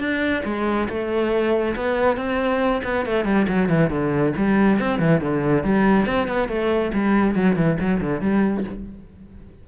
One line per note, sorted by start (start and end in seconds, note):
0.00 0.43 D4
0.45 0.88 G#3
0.89 1.75 A3
1.76 2.17 B3
2.17 2.82 C4
2.84 3.06 B3
3.06 3.25 A3
3.25 3.46 G3
3.48 3.69 F#3
3.69 3.90 E3
3.90 4.33 D3
4.37 4.79 G3
4.79 5.00 C4
5.00 5.21 E3
5.21 5.64 D3
5.64 6.06 G3
6.06 6.28 C4
6.28 6.48 B3
6.48 6.92 A3
6.94 7.35 G3
7.35 7.56 F#3
7.56 7.78 E3
7.80 8.01 F#3
8.01 8.21 D3
8.21 8.64 G3